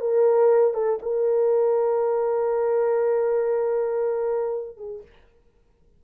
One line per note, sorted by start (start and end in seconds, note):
0.00 0.74 A#4
0.74 0.99 A4
1.02 4.77 A#4
4.77 5.02 G#4